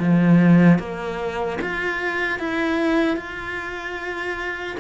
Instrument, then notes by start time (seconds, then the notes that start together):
cello
0.00 F3
0.79 A#3
1.62 F4
2.40 E4
3.17 F4